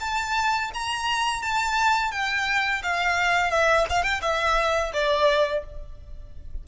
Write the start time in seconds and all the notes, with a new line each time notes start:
0.00 A5
0.74 A#5
1.42 A5
2.11 G5
2.83 F5
3.50 E5
3.90 F5
4.03 G5
4.21 E5
4.93 D5